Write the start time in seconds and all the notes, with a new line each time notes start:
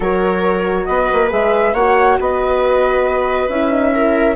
0.00 F#3 F#4 A#4 C#5
0.85 B3 B4 D#5
1.13 A#3
1.29 G#3 G#4 E5
1.73 A#3 F#4 C#5 F#5
2.19 B3 B4 D#5
3.48 C#4 E4 E5
3.70 D#4
3.92 E4 A#4